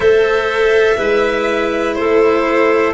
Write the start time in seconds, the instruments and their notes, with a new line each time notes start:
0.00 tuba A3, cello A4, clarinet C5, violin E5
0.97 tuba G#3, cello E4, clarinet B4
1.94 tuba A3, clarinet A4, violin C5